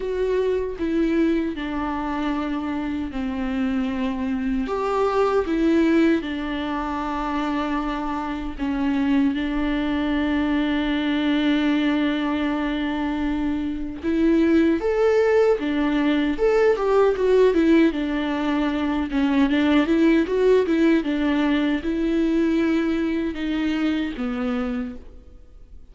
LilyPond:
\new Staff \with { instrumentName = "viola" } { \time 4/4 \tempo 4 = 77 fis'4 e'4 d'2 | c'2 g'4 e'4 | d'2. cis'4 | d'1~ |
d'2 e'4 a'4 | d'4 a'8 g'8 fis'8 e'8 d'4~ | d'8 cis'8 d'8 e'8 fis'8 e'8 d'4 | e'2 dis'4 b4 | }